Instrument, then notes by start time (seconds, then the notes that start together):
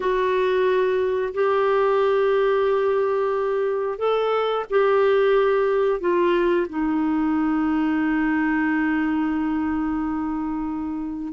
clarinet
0.00 F#4
1.33 G4
3.98 A4
4.69 G4
6.00 F4
6.69 D#4